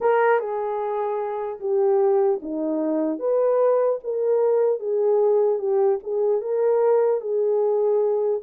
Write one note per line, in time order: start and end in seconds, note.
0.00 0.39 A#4
0.39 1.59 G#4
1.60 2.40 G4
2.42 3.19 D#4
3.19 3.99 B4
4.03 4.79 A#4
4.79 5.58 G#4
5.58 5.98 G4
6.03 6.41 G#4
6.41 7.20 A#4
7.20 8.40 G#4